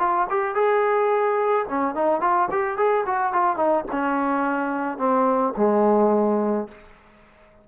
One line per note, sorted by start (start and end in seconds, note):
0.00 0.28 F4
0.30 0.56 G4
0.56 1.67 G#4
1.69 1.95 C#4
1.95 2.21 D#4
2.21 2.49 F4
2.52 2.78 G4
2.78 3.05 G#4
3.06 3.33 F#4
3.33 3.57 F4
3.57 3.85 D#4
3.92 4.98 C#4
4.98 5.54 C4
5.57 6.68 G#3